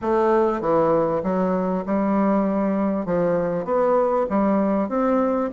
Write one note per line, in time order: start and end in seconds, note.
0.01 0.60 A3
0.60 1.22 E3
1.23 1.84 F#3
1.85 3.05 G3
3.05 3.64 F3
3.64 4.26 B3
4.29 4.88 G3
4.88 5.49 C4